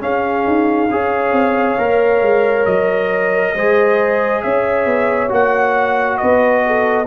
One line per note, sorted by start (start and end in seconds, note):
0.00 0.88 C#4
0.00 0.45 C#4
0.00 0.91 G#4
0.00 2.65 F5
0.46 0.89 D#4
0.89 1.31 C#4
0.89 1.78 G#4
0.89 3.55 C#5
1.31 1.76 C4
1.78 2.21 A#3
1.78 3.55 A#4
2.21 2.65 G#3
2.65 3.54 F#3
2.65 4.42 D#5
3.55 4.43 G#3
3.55 5.28 G#4
3.55 4.43 C5
4.42 4.85 C#4
4.42 6.20 C#5
4.42 5.30 E5
4.85 5.29 B3
5.28 6.19 A#3
5.28 7.05 F#4
5.28 6.17 F#5
6.17 7.06 B3
6.17 6.64 B4
6.17 7.05 D#5
6.66 7.06 A4